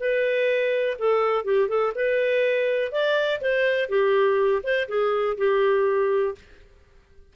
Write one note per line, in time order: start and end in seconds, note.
0.00 0.98 B4
0.99 1.45 A4
1.45 1.69 G4
1.69 1.93 A4
1.95 2.92 B4
2.92 3.40 D5
3.41 3.89 C5
3.89 4.62 G4
4.63 4.88 C5
4.88 5.37 G#4
5.37 6.35 G4